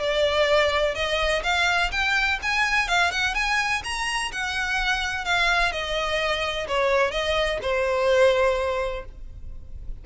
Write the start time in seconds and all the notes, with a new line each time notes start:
0.00 D5
0.95 D#5
1.44 F5
1.92 G5
2.43 G#5
2.89 F5
3.11 F#5
3.35 G#5
3.84 A#5
4.32 F#5
5.25 F5
5.72 D#5
6.68 C#5
7.11 D#5
7.62 C5